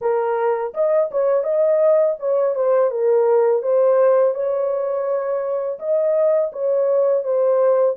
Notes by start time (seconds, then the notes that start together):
0.01 A#4
0.74 D#5
1.11 C#5
1.43 D#5
2.19 C#5
2.55 C5
2.90 A#4
3.62 C5
4.34 C#5
5.79 D#5
6.52 C#5
7.23 C5